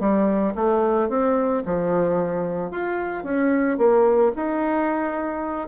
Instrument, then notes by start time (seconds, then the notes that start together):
bassoon
0.00 G3
0.55 A3
1.09 C4
1.66 F3
2.71 F4
3.24 C#4
3.78 A#3
4.36 D#4